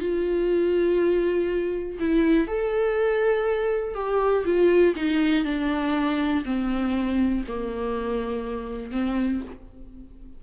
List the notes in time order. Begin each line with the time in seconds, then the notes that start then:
0.00 F4
1.99 E4
2.47 A4
3.95 G4
4.45 F4
4.96 D#4
5.45 D4
6.45 C4
7.48 A#3
8.92 C4